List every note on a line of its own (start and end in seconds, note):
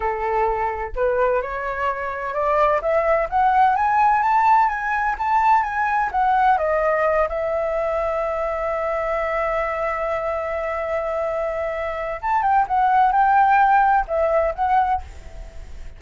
0.00 0.91 A4
0.95 1.42 B4
1.42 2.34 C#5
2.34 2.80 D5
2.81 3.28 E5
3.29 3.76 F#5
3.76 4.22 G#5
4.22 4.68 A5
4.68 5.15 G#5
5.18 5.63 A5
5.63 6.10 G#5
6.11 6.57 F#5
6.57 7.27 D#5
7.28 12.20 E5
12.21 12.42 A5
12.42 12.66 G5
12.67 13.11 F#5
13.11 14.05 G5
14.07 14.54 E5
14.54 15.01 F#5